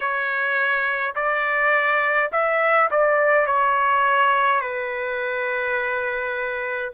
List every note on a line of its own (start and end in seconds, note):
0.00 1.14 C#5
1.15 2.30 D5
2.31 2.89 E5
2.91 3.46 D5
3.46 4.60 C#5
4.60 6.91 B4